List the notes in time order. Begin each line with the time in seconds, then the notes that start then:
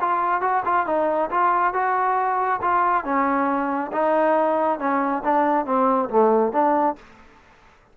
0.00 F4
0.41 F#4
0.65 F4
0.86 D#4
1.30 F4
1.73 F#4
2.61 F4
3.04 C#4
3.92 D#4
4.79 C#4
5.24 D4
5.65 C4
6.09 A3
6.52 D4